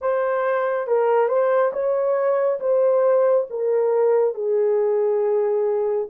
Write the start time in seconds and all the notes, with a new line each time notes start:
0.01 C5
0.87 A#4
1.28 C5
1.72 C#5
2.59 C5
3.49 A#4
4.34 G#4